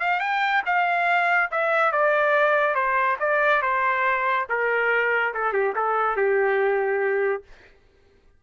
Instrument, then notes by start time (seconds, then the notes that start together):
trumpet
0.00 F5
0.20 G5
0.66 F5
1.51 E5
1.92 D5
2.75 C5
3.20 D5
3.62 C5
4.49 A#4
5.34 A4
5.53 G4
5.76 A4
6.16 G4